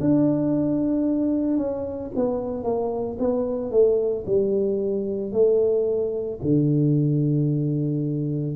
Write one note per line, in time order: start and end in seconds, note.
0.00 1.57 D4
1.57 2.10 C#4
2.15 2.63 B3
2.63 3.17 A#3
3.19 3.71 B3
3.71 4.24 A3
4.26 5.32 G3
5.32 6.39 A3
6.42 8.56 D3